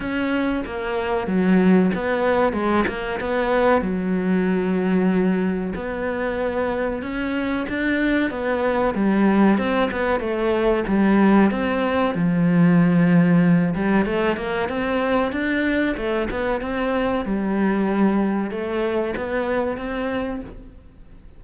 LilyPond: \new Staff \with { instrumentName = "cello" } { \time 4/4 \tempo 4 = 94 cis'4 ais4 fis4 b4 | gis8 ais8 b4 fis2~ | fis4 b2 cis'4 | d'4 b4 g4 c'8 b8 |
a4 g4 c'4 f4~ | f4. g8 a8 ais8 c'4 | d'4 a8 b8 c'4 g4~ | g4 a4 b4 c'4 | }